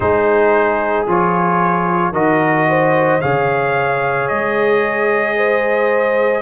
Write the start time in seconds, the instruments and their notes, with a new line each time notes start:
0.00 tuba G#3, trombone D#4, horn G#4, trumpet C5
1.07 tuba F3, trombone F4, trumpet C#5
2.12 tuba D#3, trombone F#4, horn A#4, trumpet D#5
2.69 horn C5
3.21 tuba C#3, trombone G#4, horn C#5, trumpet F5
4.27 tuba G#3, trumpet D#5
5.36 horn C5